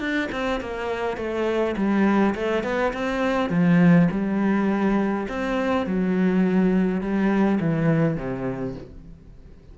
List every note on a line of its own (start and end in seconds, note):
0.00 0.29 D4
0.32 0.61 C4
0.61 1.17 A#3
1.17 1.75 A3
1.76 2.35 G3
2.35 2.63 A3
2.63 2.93 B3
2.93 3.50 C4
3.50 4.08 F3
4.11 5.27 G3
5.29 5.86 C4
5.86 7.01 F#3
7.01 7.59 G3
7.60 8.17 E3
8.17 8.75 C3